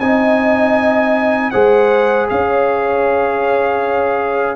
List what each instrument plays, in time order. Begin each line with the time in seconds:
0.00 tuba C4, trombone D#4, horn D#5, trumpet G#5
1.51 tuba G#3, trombone G#4, horn C5, trumpet F#5
2.29 tuba C#4, horn C#5, trumpet F5